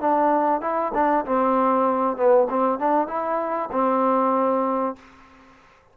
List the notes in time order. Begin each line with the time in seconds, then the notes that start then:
0.00 D4
0.61 E4
0.94 D4
1.25 C4
2.16 B3
2.49 C4
2.79 D4
3.07 E4
3.72 C4